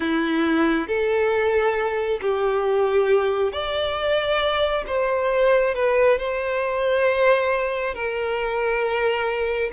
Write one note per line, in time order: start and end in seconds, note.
0.00 0.87 E4
0.87 2.19 A4
2.21 3.52 G4
3.52 4.84 D5
4.86 5.74 C5
5.74 6.18 B4
6.18 7.94 C5
7.94 9.71 A#4